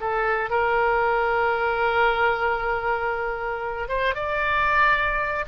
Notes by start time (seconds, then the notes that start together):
0.00 A4
0.50 A#4
3.88 C5
4.14 D5